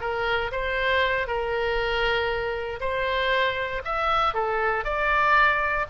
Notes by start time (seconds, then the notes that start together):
0.00 A#4
0.51 C5
1.27 A#4
2.80 C5
3.84 E5
4.34 A4
4.84 D5